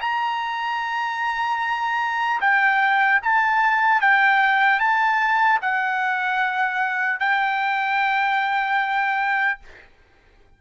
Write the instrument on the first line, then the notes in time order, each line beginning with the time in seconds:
trumpet
0.00 A#5
2.40 G5
3.22 A5
4.01 G5
4.79 A5
5.61 F#5
7.19 G5